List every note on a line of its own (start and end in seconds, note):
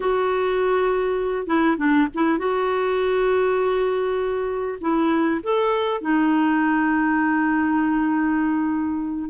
0.00 1.46 F#4
1.46 1.76 E4
1.77 2.07 D4
2.14 2.38 E4
2.38 4.78 F#4
4.80 5.40 E4
5.43 6.01 A4
6.01 9.30 D#4